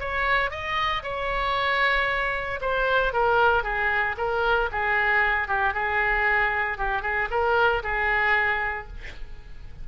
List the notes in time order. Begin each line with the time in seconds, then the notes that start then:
0.00 C#5
0.51 D#5
1.03 C#5
2.61 C5
3.13 A#4
3.64 G#4
4.18 A#4
4.72 G#4
5.48 G4
5.74 G#4
6.78 G4
7.03 G#4
7.31 A#4
7.83 G#4